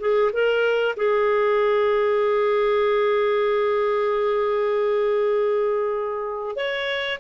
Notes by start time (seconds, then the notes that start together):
0.00 G#4
0.33 A#4
0.97 G#4
6.56 C#5